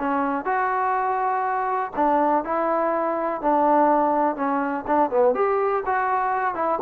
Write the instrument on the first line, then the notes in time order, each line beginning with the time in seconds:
trombone
0.00 C#4
0.45 F#4
1.96 D4
2.45 E4
3.42 D4
4.36 C#4
4.87 D4
5.11 B3
5.35 G4
5.86 F#4
6.55 E4